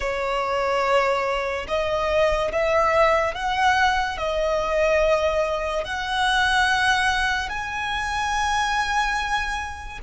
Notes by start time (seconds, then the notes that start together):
0.00 C#5
1.68 D#5
2.52 E5
3.34 F#5
4.17 D#5
5.84 F#5
7.49 G#5